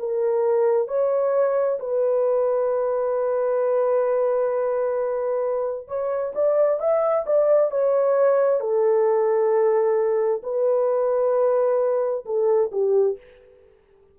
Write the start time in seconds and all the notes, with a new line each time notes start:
0.00 A#4
0.88 C#5
1.80 B4
5.88 C#5
6.35 D5
6.80 E5
7.26 D5
7.71 C#5
8.60 A4
10.44 B4
12.26 A4
12.72 G4